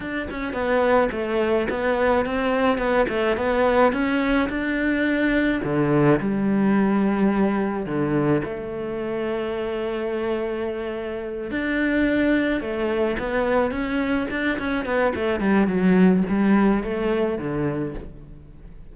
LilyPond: \new Staff \with { instrumentName = "cello" } { \time 4/4 \tempo 4 = 107 d'8 cis'8 b4 a4 b4 | c'4 b8 a8 b4 cis'4 | d'2 d4 g4~ | g2 d4 a4~ |
a1~ | a8 d'2 a4 b8~ | b8 cis'4 d'8 cis'8 b8 a8 g8 | fis4 g4 a4 d4 | }